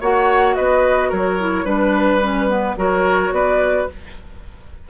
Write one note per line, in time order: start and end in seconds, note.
0.00 0.56 A#3
0.00 1.39 F#4
0.00 0.56 C#5
0.00 0.55 F#5
0.55 1.12 B3
0.55 1.09 B4
0.55 1.10 D#5
1.09 1.65 F#3
1.09 1.64 A#4
1.09 1.66 C#5
1.39 1.65 E4
1.64 2.76 G3
1.64 2.20 D4
1.64 2.75 B4
1.64 2.77 B4
2.21 2.48 C#4
2.48 2.76 B3
2.77 3.32 F#3
2.77 3.88 F#4
2.77 3.33 A#4
2.77 3.34 C#5
3.32 3.87 B3
3.32 3.89 B4
3.32 3.89 D5